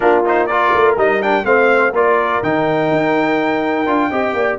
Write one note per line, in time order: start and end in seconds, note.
0.00 0.73 A#3
0.00 0.24 D4
0.00 0.47 F4
0.00 0.23 A#4
0.25 0.49 D#4
0.25 0.46 C5
0.46 0.97 F4
0.46 1.44 A#4
0.46 0.94 D5
0.74 0.96 A3
0.96 1.44 G3
0.96 1.21 D#4
0.96 1.22 D#5
1.22 1.44 D4
1.22 1.45 G5
1.44 1.92 A3
1.44 1.93 C4
1.44 1.94 C5
1.44 1.93 F5
1.92 2.40 A#3
1.92 2.43 F4
1.92 4.10 A#4
1.92 2.43 D5
2.42 2.91 D#3
2.42 3.86 D#4
2.42 4.59 G5
2.91 3.86 D#4
3.86 4.11 D4
3.86 4.10 F4
4.10 4.33 C4
4.10 4.59 G4
4.10 4.34 D#5
4.33 4.57 A#3
4.33 4.59 D5